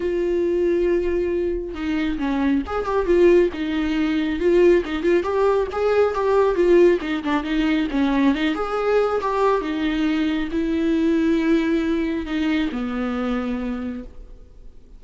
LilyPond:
\new Staff \with { instrumentName = "viola" } { \time 4/4 \tempo 4 = 137 f'1 | dis'4 cis'4 gis'8 g'8 f'4 | dis'2 f'4 dis'8 f'8 | g'4 gis'4 g'4 f'4 |
dis'8 d'8 dis'4 cis'4 dis'8 gis'8~ | gis'4 g'4 dis'2 | e'1 | dis'4 b2. | }